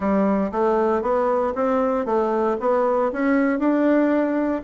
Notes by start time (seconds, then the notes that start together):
0.00 G3
0.51 A3
1.02 B3
1.55 C4
2.05 A3
2.60 B3
3.12 C#4
3.59 D4